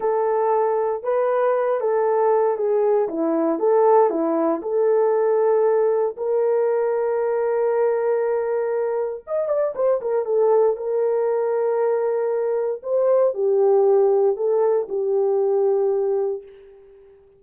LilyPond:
\new Staff \with { instrumentName = "horn" } { \time 4/4 \tempo 4 = 117 a'2 b'4. a'8~ | a'4 gis'4 e'4 a'4 | e'4 a'2. | ais'1~ |
ais'2 dis''8 d''8 c''8 ais'8 | a'4 ais'2.~ | ais'4 c''4 g'2 | a'4 g'2. | }